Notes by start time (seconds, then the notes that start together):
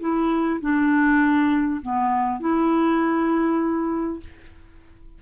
0.00 E4
0.61 D4
1.82 B3
2.40 E4